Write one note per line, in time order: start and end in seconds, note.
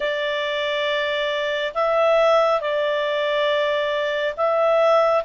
0.00 1.73 D5
1.74 2.60 E5
2.60 4.34 D5
4.36 5.23 E5